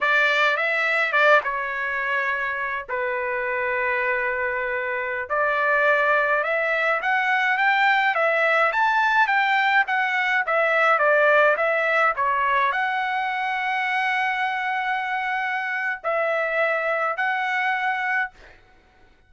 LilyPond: \new Staff \with { instrumentName = "trumpet" } { \time 4/4 \tempo 4 = 105 d''4 e''4 d''8 cis''4.~ | cis''4 b'2.~ | b'4~ b'16 d''2 e''8.~ | e''16 fis''4 g''4 e''4 a''8.~ |
a''16 g''4 fis''4 e''4 d''8.~ | d''16 e''4 cis''4 fis''4.~ fis''16~ | fis''1 | e''2 fis''2 | }